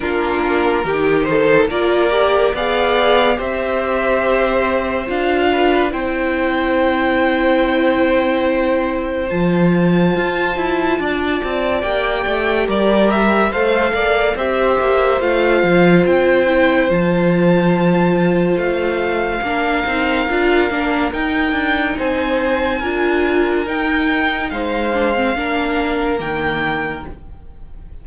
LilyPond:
<<
  \new Staff \with { instrumentName = "violin" } { \time 4/4 \tempo 4 = 71 ais'4. c''8 d''4 f''4 | e''2 f''4 g''4~ | g''2. a''4~ | a''2 g''4 d''8 e''8 |
f''4 e''4 f''4 g''4 | a''2 f''2~ | f''4 g''4 gis''2 | g''4 f''2 g''4 | }
  \new Staff \with { instrumentName = "violin" } { \time 4/4 f'4 g'8 a'8 ais'4 d''4 | c''2~ c''8 b'8 c''4~ | c''1~ | c''4 d''2 ais'4 |
c''8 d''8 c''2.~ | c''2. ais'4~ | ais'2 c''4 ais'4~ | ais'4 c''4 ais'2 | }
  \new Staff \with { instrumentName = "viola" } { \time 4/4 d'4 dis'4 f'8 g'8 gis'4 | g'2 f'4 e'4~ | e'2. f'4~ | f'2 g'2 |
a'4 g'4 f'4. e'8 | f'2. d'8 dis'8 | f'8 d'8 dis'2 f'4 | dis'4. d'16 c'16 d'4 ais4 | }
  \new Staff \with { instrumentName = "cello" } { \time 4/4 ais4 dis4 ais4 b4 | c'2 d'4 c'4~ | c'2. f4 | f'8 e'8 d'8 c'8 ais8 a8 g4 |
a8 ais8 c'8 ais8 a8 f8 c'4 | f2 a4 ais8 c'8 | d'8 ais8 dis'8 d'8 c'4 d'4 | dis'4 gis4 ais4 dis4 | }
>>